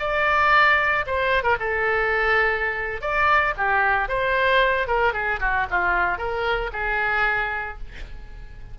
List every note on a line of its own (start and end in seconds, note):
0.00 1.05 D5
1.06 1.44 C5
1.44 1.57 A#4
1.60 3.01 A4
3.01 3.54 D5
3.57 4.08 G4
4.08 4.87 C5
4.87 5.14 A#4
5.14 5.40 G#4
5.40 5.67 F#4
5.70 6.18 F4
6.18 6.71 A#4
6.73 7.78 G#4